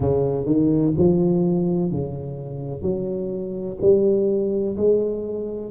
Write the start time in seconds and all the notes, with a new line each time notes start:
0.00 C#3
0.45 D#3
0.97 F3
1.91 C#3
2.82 F#3
3.81 G3
4.76 G#3